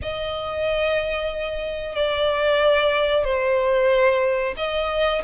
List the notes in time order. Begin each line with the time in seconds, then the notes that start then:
0.02 D#5
1.95 D5
3.24 C5
4.56 D#5